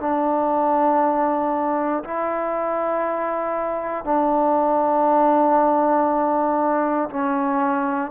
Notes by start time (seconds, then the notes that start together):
0.00 D4
2.04 E4
4.04 D4
7.10 C#4